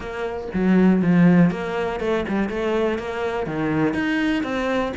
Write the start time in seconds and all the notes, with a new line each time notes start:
0.00 A#3
0.53 F#3
1.02 F3
1.50 A#3
2.00 A3
2.28 G3
2.49 A3
2.98 A#3
3.46 D#3
3.94 D#4
4.43 C4